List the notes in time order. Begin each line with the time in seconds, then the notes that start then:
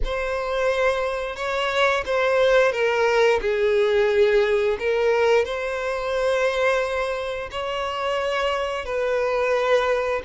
0.04 C5
1.35 C#5
2.05 C5
2.71 A#4
3.41 G#4
4.79 A#4
5.45 C5
7.51 C#5
8.85 B4